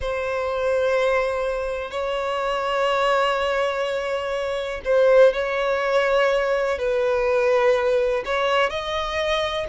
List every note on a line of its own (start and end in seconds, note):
0.00 1.90 C5
1.90 4.81 C#5
4.85 5.33 C5
5.33 6.78 C#5
6.78 8.23 B4
8.25 8.69 C#5
8.69 9.66 D#5